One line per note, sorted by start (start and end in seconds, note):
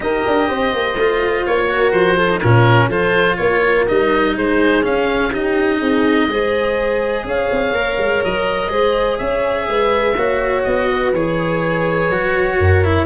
0.00 0.23 D#4
0.00 0.94 G4
0.00 0.48 A#4
0.00 1.46 D#5
0.26 0.50 D4
0.48 0.73 C4
0.48 1.69 C5
0.73 0.95 A#3
0.95 1.44 A3
0.95 1.68 F4
1.46 1.91 A#3
1.46 1.91 C#5
1.68 2.17 F#4
1.68 2.16 A#4
1.91 2.40 F3
1.91 2.40 C5
2.16 2.29 F4
2.16 2.41 A4
2.29 2.41 D#4
2.40 2.88 A#2
2.40 2.90 C#4
2.40 2.88 F4
2.40 2.89 A#4
2.88 3.36 F3
2.88 3.87 F4
2.88 3.36 A4
2.88 3.36 C5
3.36 3.87 A#3
3.36 4.35 A#4
3.36 3.85 C#5
3.88 4.36 G3
3.88 4.83 D#4
3.88 4.36 D#5
4.35 4.84 G#3
4.35 5.30 G#4
4.35 4.84 C5
4.83 5.31 C#4
4.83 5.80 C#4
4.83 5.33 F5
5.30 6.29 D#4
5.30 5.78 G4
5.30 7.26 D#5
5.78 6.27 C4
5.78 6.26 G#4
6.27 7.23 G#3
6.27 7.75 G#4
6.27 7.26 C5
7.23 7.48 C#4
7.23 8.70 C#5
7.23 8.24 F5
7.51 7.72 C4
7.72 7.96 A#3
7.72 8.69 A#4
7.97 8.21 G#3
8.24 8.69 F#3
8.24 9.17 D#5
8.69 9.17 G#3
8.69 10.14 G#4
8.69 9.19 C5
9.17 9.68 C#4
9.17 9.67 C#5
9.17 10.63 E5
9.68 10.16 G#3
9.68 10.16 B4
10.16 10.64 A#3
10.16 11.14 F#4
10.16 10.88 C#5
10.63 11.12 B3
10.63 11.11 D#5
10.90 12.57 B4
11.12 12.09 E3
11.12 12.11 G#4
11.12 13.06 C#5
12.09 12.58 F#3
12.09 12.84 F#4
12.57 13.06 F#2
12.57 13.06 A#4
12.84 13.06 E4